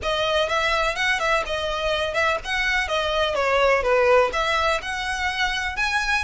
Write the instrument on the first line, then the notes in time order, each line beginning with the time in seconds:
violin
0.02 D#5
0.48 E5
0.95 F#5
1.19 E5
1.45 D#5
2.14 E5
2.44 F#5
2.88 D#5
3.35 C#5
3.83 B4
4.32 E5
4.82 F#5
5.76 G#5